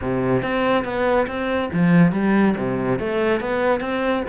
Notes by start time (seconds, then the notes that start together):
0.01 C3
0.42 C4
0.84 B3
1.27 C4
1.72 F3
2.12 G3
2.57 C3
2.99 A3
3.40 B3
3.80 C4